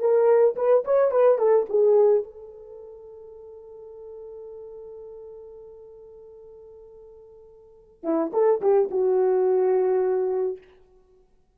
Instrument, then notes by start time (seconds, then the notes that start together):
horn
0.00 A#4
0.56 B4
0.85 C#5
1.11 B4
1.38 A4
1.70 G#4
2.24 A4
8.03 E4
8.33 A4
8.62 G4
8.91 F#4